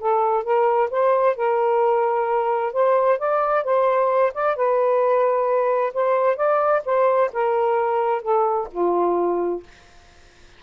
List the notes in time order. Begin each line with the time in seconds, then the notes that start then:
0.00 A4
0.44 A#4
0.91 C5
1.37 A#4
2.73 C5
3.19 D5
3.65 C5
4.35 D5
4.56 B4
5.94 C5
6.37 D5
6.86 C5
7.33 A#4
8.23 A4
8.72 F4